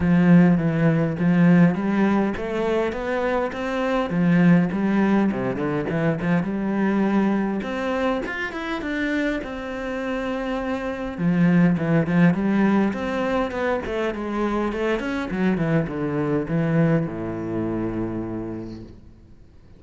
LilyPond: \new Staff \with { instrumentName = "cello" } { \time 4/4 \tempo 4 = 102 f4 e4 f4 g4 | a4 b4 c'4 f4 | g4 c8 d8 e8 f8 g4~ | g4 c'4 f'8 e'8 d'4 |
c'2. f4 | e8 f8 g4 c'4 b8 a8 | gis4 a8 cis'8 fis8 e8 d4 | e4 a,2. | }